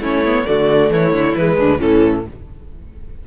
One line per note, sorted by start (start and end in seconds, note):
0.00 0.45 A3
0.00 0.26 C#4
0.00 0.45 E4
0.00 0.47 C#5
0.26 0.47 B3
0.47 0.91 D3
0.47 1.37 A3
0.47 0.92 F#4
0.47 0.92 D5
0.91 1.13 E3
0.91 1.58 E4
0.91 1.36 C#5
1.13 1.35 D3
1.36 1.58 E3
1.36 1.80 G#3
1.36 1.81 B4
1.58 1.80 D2
1.58 1.79 D4
1.79 2.28 A2
1.79 2.25 E3
1.79 2.24 C#4
1.79 2.26 A4